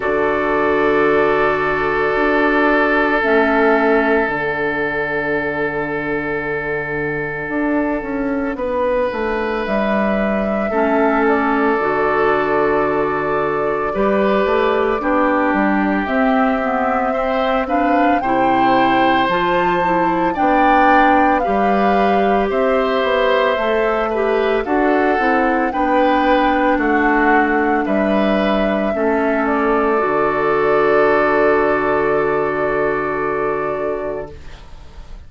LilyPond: <<
  \new Staff \with { instrumentName = "flute" } { \time 4/4 \tempo 4 = 56 d''2. e''4 | fis''1~ | fis''4 e''4. d''4.~ | d''2. e''4~ |
e''8 f''8 g''4 a''4 g''4 | f''4 e''2 fis''4 | g''4 fis''4 e''4. d''8~ | d''1 | }
  \new Staff \with { instrumentName = "oboe" } { \time 4/4 a'1~ | a'1 | b'2 a'2~ | a'4 b'4 g'2 |
c''8 b'8 c''2 d''4 | b'4 c''4. b'8 a'4 | b'4 fis'4 b'4 a'4~ | a'1 | }
  \new Staff \with { instrumentName = "clarinet" } { \time 4/4 fis'2. cis'4 | d'1~ | d'2 cis'4 fis'4~ | fis'4 g'4 d'4 c'8 b8 |
c'8 d'8 e'4 f'8 e'8 d'4 | g'2 a'8 g'8 fis'8 e'8 | d'2. cis'4 | fis'1 | }
  \new Staff \with { instrumentName = "bassoon" } { \time 4/4 d2 d'4 a4 | d2. d'8 cis'8 | b8 a8 g4 a4 d4~ | d4 g8 a8 b8 g8 c'4~ |
c'4 c4 f4 b4 | g4 c'8 b8 a4 d'8 c'8 | b4 a4 g4 a4 | d1 | }
>>